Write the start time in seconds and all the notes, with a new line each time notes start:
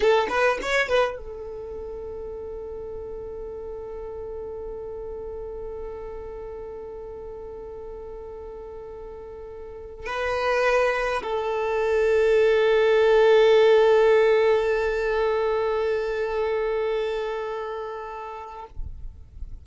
0.00 A4
0.29 B4
0.62 C#5
0.88 B4
1.17 A4
10.06 B4
11.23 A4